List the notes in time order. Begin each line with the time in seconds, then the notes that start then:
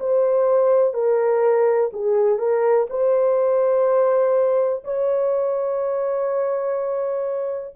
0.00 C5
0.94 A#4
1.93 G#4
2.39 A#4
2.90 C5
4.84 C#5